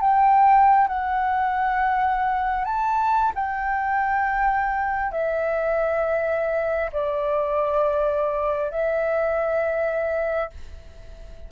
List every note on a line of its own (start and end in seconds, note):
0.00 0.88 G5
0.88 2.65 F#5
2.65 3.32 A5
3.35 5.11 G5
5.11 6.90 E5
6.92 8.71 D5
8.71 10.50 E5